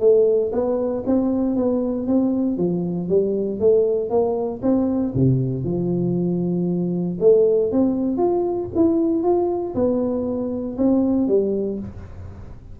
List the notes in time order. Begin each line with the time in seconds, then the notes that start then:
0.00 A3
0.52 B3
1.06 C4
1.56 B3
2.07 C4
2.57 F3
3.09 G3
3.60 A3
4.10 A#3
4.62 C4
5.14 C3
5.64 F3
7.20 A3
7.72 C4
8.17 F4
8.76 E4
9.23 F4
9.75 B3
10.78 C4
11.28 G3